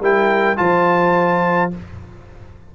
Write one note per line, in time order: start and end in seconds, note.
0.00 0.57 G3
0.00 0.56 E4
0.00 0.59 A#4
0.00 0.57 G5
0.56 1.73 F3
0.56 1.70 F4
0.56 1.75 C5
0.56 1.71 A5